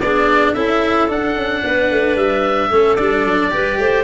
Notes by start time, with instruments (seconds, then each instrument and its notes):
0.00 tuba B3, cello D4, clarinet G#4, oboe D5
0.54 tuba C#4, cello E4, clarinet A4, oboe E5
1.09 cello D4, tuba D4, oboe F#5
1.36 tuba C#4
1.63 tuba B3, clarinet B4
1.91 tuba A3
2.16 tuba G3, oboe E5
2.70 tuba A3, cello C#4, clarinet A4
2.96 tuba G3, cello D4, oboe D5
3.25 tuba F#3
3.52 tuba G3, cello G4, clarinet B4
3.78 tuba A3, clarinet C5